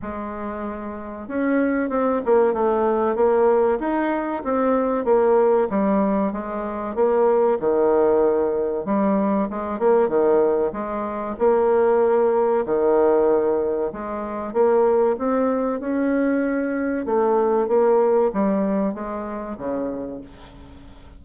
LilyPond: \new Staff \with { instrumentName = "bassoon" } { \time 4/4 \tempo 4 = 95 gis2 cis'4 c'8 ais8 | a4 ais4 dis'4 c'4 | ais4 g4 gis4 ais4 | dis2 g4 gis8 ais8 |
dis4 gis4 ais2 | dis2 gis4 ais4 | c'4 cis'2 a4 | ais4 g4 gis4 cis4 | }